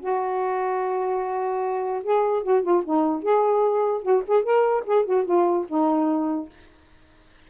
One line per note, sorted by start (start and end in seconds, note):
0.00 2.03 F#4
2.03 2.43 G#4
2.43 2.62 F#4
2.62 2.83 F4
2.84 3.22 D#4
3.22 4.02 G#4
4.02 4.23 F#4
4.27 4.43 G#4
4.43 4.84 A#4
4.86 5.05 G#4
5.05 5.25 F#4
5.25 5.65 F4
5.68 6.49 D#4